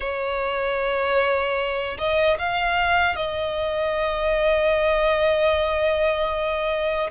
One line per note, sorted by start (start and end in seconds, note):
0.00 1.97 C#5
1.97 2.37 D#5
2.38 3.15 F5
3.15 7.10 D#5